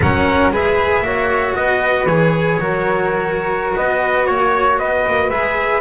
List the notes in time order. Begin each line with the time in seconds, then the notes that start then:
0.01 F#3 C#4 A#4 F#5
0.50 G#3 G#4 B4 E5
1.01 A#3 F#4 C#5
1.55 B3 B4 D#5
2.05 E3 G#4 C#5
2.58 F#3 F#4 A#4
3.76 B3 B4 D#5
4.25 A#3 C#5
4.78 B3 B4 D#5
5.07 A#3
5.29 G#3 G#4 E5